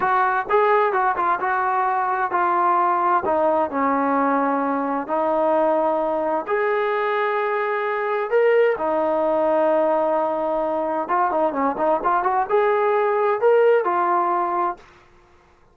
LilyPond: \new Staff \with { instrumentName = "trombone" } { \time 4/4 \tempo 4 = 130 fis'4 gis'4 fis'8 f'8 fis'4~ | fis'4 f'2 dis'4 | cis'2. dis'4~ | dis'2 gis'2~ |
gis'2 ais'4 dis'4~ | dis'1 | f'8 dis'8 cis'8 dis'8 f'8 fis'8 gis'4~ | gis'4 ais'4 f'2 | }